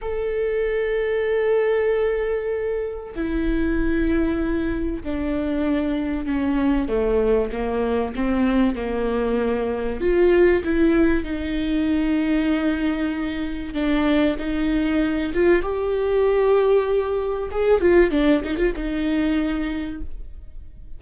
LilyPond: \new Staff \with { instrumentName = "viola" } { \time 4/4 \tempo 4 = 96 a'1~ | a'4 e'2. | d'2 cis'4 a4 | ais4 c'4 ais2 |
f'4 e'4 dis'2~ | dis'2 d'4 dis'4~ | dis'8 f'8 g'2. | gis'8 f'8 d'8 dis'16 f'16 dis'2 | }